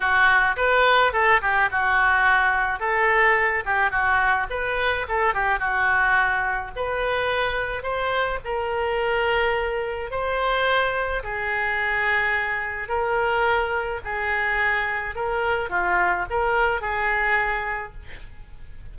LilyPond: \new Staff \with { instrumentName = "oboe" } { \time 4/4 \tempo 4 = 107 fis'4 b'4 a'8 g'8 fis'4~ | fis'4 a'4. g'8 fis'4 | b'4 a'8 g'8 fis'2 | b'2 c''4 ais'4~ |
ais'2 c''2 | gis'2. ais'4~ | ais'4 gis'2 ais'4 | f'4 ais'4 gis'2 | }